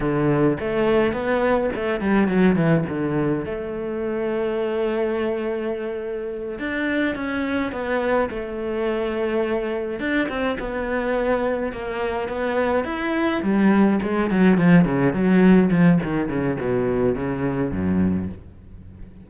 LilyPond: \new Staff \with { instrumentName = "cello" } { \time 4/4 \tempo 4 = 105 d4 a4 b4 a8 g8 | fis8 e8 d4 a2~ | a2.~ a8 d'8~ | d'8 cis'4 b4 a4.~ |
a4. d'8 c'8 b4.~ | b8 ais4 b4 e'4 g8~ | g8 gis8 fis8 f8 cis8 fis4 f8 | dis8 cis8 b,4 cis4 fis,4 | }